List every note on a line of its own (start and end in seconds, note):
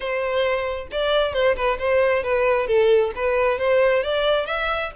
0.00 0.88 C5
0.91 1.33 D5
1.33 1.55 C5
1.55 1.78 B4
1.78 2.23 C5
2.23 2.67 B4
2.67 3.11 A4
3.15 3.58 B4
3.58 4.03 C5
4.03 4.46 D5
4.46 4.91 E5